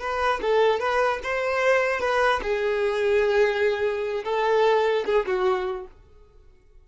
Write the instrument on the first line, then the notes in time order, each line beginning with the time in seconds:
violin
0.00 B4
0.41 A4
0.79 B4
1.23 C5
2.00 B4
2.43 G#4
4.24 A4
5.06 G#4
5.26 F#4